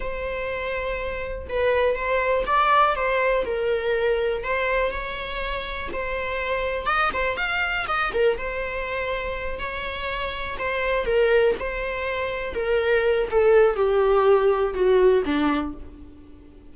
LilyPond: \new Staff \with { instrumentName = "viola" } { \time 4/4 \tempo 4 = 122 c''2. b'4 | c''4 d''4 c''4 ais'4~ | ais'4 c''4 cis''2 | c''2 dis''8 c''8 f''4 |
dis''8 ais'8 c''2~ c''8 cis''8~ | cis''4. c''4 ais'4 c''8~ | c''4. ais'4. a'4 | g'2 fis'4 d'4 | }